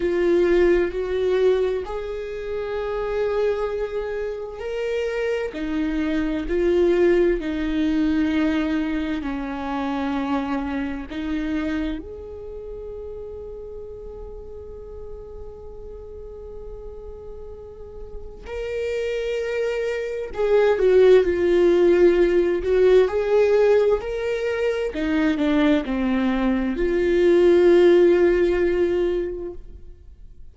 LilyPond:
\new Staff \with { instrumentName = "viola" } { \time 4/4 \tempo 4 = 65 f'4 fis'4 gis'2~ | gis'4 ais'4 dis'4 f'4 | dis'2 cis'2 | dis'4 gis'2.~ |
gis'1 | ais'2 gis'8 fis'8 f'4~ | f'8 fis'8 gis'4 ais'4 dis'8 d'8 | c'4 f'2. | }